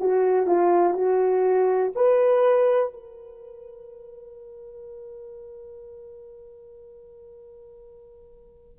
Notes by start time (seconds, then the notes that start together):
0.00 F#4
0.46 F4
0.94 F#4
1.95 B4
2.93 A#4